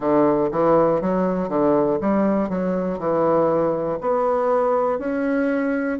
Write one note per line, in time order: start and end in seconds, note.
0.00 0.50 D3
0.50 1.00 E3
1.01 1.49 F#3
1.49 1.99 D3
2.00 2.49 G3
2.49 2.98 F#3
2.98 3.98 E3
4.00 4.99 B3
4.99 5.99 C#4